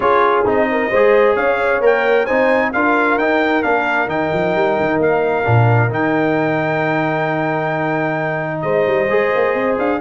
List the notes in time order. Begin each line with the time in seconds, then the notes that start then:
0.00 C#4 F4 G#4 C#5
0.45 C4 D#4 D#5
0.71 A#4
0.90 G#3 G#4 C5
1.35 C#4 C#5 F5
1.80 A#3 A#4 G5
2.25 C4 D#4 C5 G#5
2.72 D4 F4 A#4 F5
3.17 D#4 G5
3.62 A#3 D4 F5
4.07 D#3 D#4 G5
4.33 F3
4.55 G3
4.79 D#3
4.99 A#3 F5
5.43 A#2 D4
5.89 D#3 D#4 G5
8.61 G#3 C5 D#5
8.86 G3
9.09 G#3 G#4
9.35 A#3
9.54 C4
9.78 D4 F5